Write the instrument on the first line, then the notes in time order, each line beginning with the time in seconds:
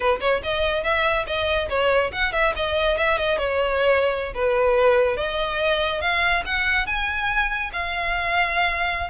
violin
0.00 B4
0.20 C#5
0.43 D#5
0.83 E5
1.26 D#5
1.69 C#5
2.12 F#5
2.32 E5
2.56 D#5
2.97 E5
3.17 D#5
3.38 C#5
4.34 B4
5.16 D#5
6.01 F5
6.45 F#5
6.86 G#5
7.72 F5